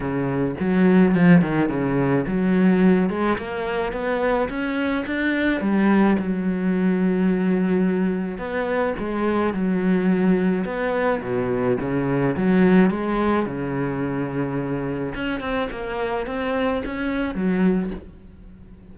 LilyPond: \new Staff \with { instrumentName = "cello" } { \time 4/4 \tempo 4 = 107 cis4 fis4 f8 dis8 cis4 | fis4. gis8 ais4 b4 | cis'4 d'4 g4 fis4~ | fis2. b4 |
gis4 fis2 b4 | b,4 cis4 fis4 gis4 | cis2. cis'8 c'8 | ais4 c'4 cis'4 fis4 | }